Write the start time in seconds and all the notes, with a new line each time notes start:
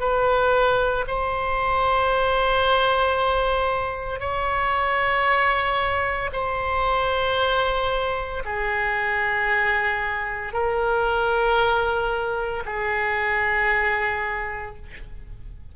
0.00 B4
1.08 C5
4.20 C#5
6.33 C5
8.45 G#4
10.53 A#4
12.65 G#4